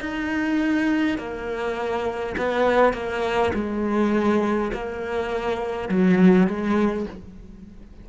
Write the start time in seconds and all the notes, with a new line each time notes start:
0.00 D#4
1.18 A#3
2.37 B3
2.93 A#3
3.54 G#3
4.73 A#3
5.89 F#3
6.47 G#3